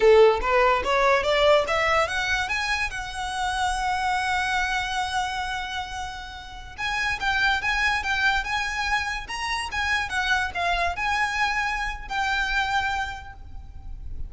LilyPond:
\new Staff \with { instrumentName = "violin" } { \time 4/4 \tempo 4 = 144 a'4 b'4 cis''4 d''4 | e''4 fis''4 gis''4 fis''4~ | fis''1~ | fis''1~ |
fis''16 gis''4 g''4 gis''4 g''8.~ | g''16 gis''2 ais''4 gis''8.~ | gis''16 fis''4 f''4 gis''4.~ gis''16~ | gis''4 g''2. | }